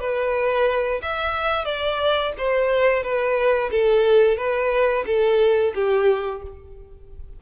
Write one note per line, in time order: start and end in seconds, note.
0.00 1.01 B4
1.03 1.65 E5
1.65 2.33 D5
2.38 3.03 C5
3.03 3.71 B4
3.71 4.38 A4
4.38 5.05 B4
5.06 5.74 A4
5.75 6.43 G4